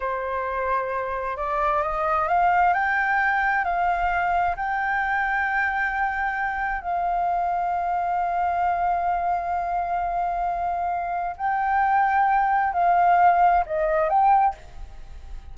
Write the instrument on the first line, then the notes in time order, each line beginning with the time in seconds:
flute
0.00 C5
1.36 D5
1.82 D#5
2.28 F5
2.73 G5
3.64 F5
4.56 G5
6.81 F5
11.37 G5
12.73 F5
13.66 D#5
14.09 G5